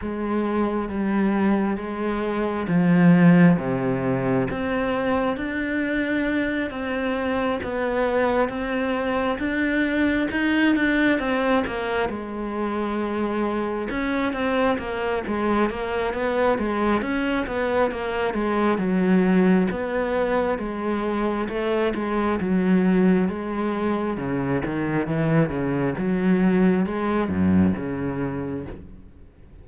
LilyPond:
\new Staff \with { instrumentName = "cello" } { \time 4/4 \tempo 4 = 67 gis4 g4 gis4 f4 | c4 c'4 d'4. c'8~ | c'8 b4 c'4 d'4 dis'8 | d'8 c'8 ais8 gis2 cis'8 |
c'8 ais8 gis8 ais8 b8 gis8 cis'8 b8 | ais8 gis8 fis4 b4 gis4 | a8 gis8 fis4 gis4 cis8 dis8 | e8 cis8 fis4 gis8 fis,8 cis4 | }